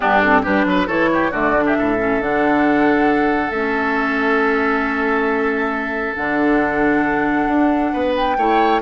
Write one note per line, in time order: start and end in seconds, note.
0.00 0.46 G2
0.00 0.22 B3
0.00 0.42 D4
0.00 0.22 G4
0.22 0.43 C4
0.22 0.44 A4
0.43 0.65 G3
0.43 0.87 D4
0.43 0.65 G4
0.43 0.88 B4
0.65 0.87 F#3
0.65 0.87 B4
0.87 1.31 E3
0.87 1.31 E4
0.87 1.09 A4
0.87 1.31 C#5
1.13 1.31 G4
1.31 1.75 D3
1.31 1.54 A3
1.31 1.64 F#4
1.31 1.65 D5
1.56 1.98 D4
1.65 1.76 G4
1.65 2.22 E5
1.77 2.21 A2
1.77 7.92 A4
1.98 2.20 C#4
2.20 3.50 D3
2.20 3.52 D4
2.20 3.50 F#5
3.50 6.15 A3
3.50 6.17 C#4
3.50 6.15 E5
6.16 7.47 D3
6.16 8.37 D4
6.16 8.14 F#5
7.47 7.91 D4
7.92 8.37 B3
7.92 8.36 B4
8.15 8.81 G5
8.37 8.81 A3
8.37 8.81 E4
8.37 8.81 C#5